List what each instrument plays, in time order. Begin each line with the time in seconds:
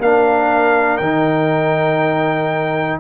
0.00 tuba A#3, trombone D4, horn A#4, trumpet F5
0.98 tuba D#3, trombone D#4, trumpet G5